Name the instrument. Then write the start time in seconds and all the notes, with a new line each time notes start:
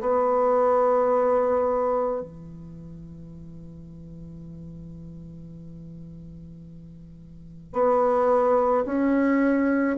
bassoon
0.00 B3
2.21 E3
7.73 B3
8.86 C#4